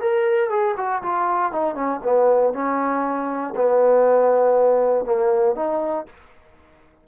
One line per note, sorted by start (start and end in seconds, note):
0.00 0.50 A#4
0.50 0.75 G#4
0.77 1.02 F#4
1.02 1.51 F4
1.51 1.75 D#4
1.75 2.00 C#4
2.03 2.53 B3
2.53 3.54 C#4
3.55 5.04 B3
5.04 5.55 A#3
5.55 6.05 D#4